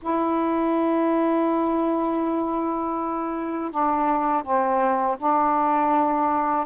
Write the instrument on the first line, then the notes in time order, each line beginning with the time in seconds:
saxophone
0.02 E4
3.71 D4
4.42 C4
5.18 D4